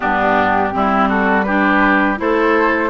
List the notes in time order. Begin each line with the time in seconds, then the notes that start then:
0.00 G2 B3 D4 G4
0.71 G3 C4 E4
1.08 F#4 A4
1.43 D4 G4 B4
2.16 A3 E4 A4 C5